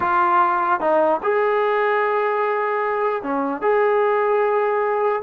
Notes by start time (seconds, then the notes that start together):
0.00 F4
0.80 D#4
1.23 G#4
3.23 C#4
3.61 G#4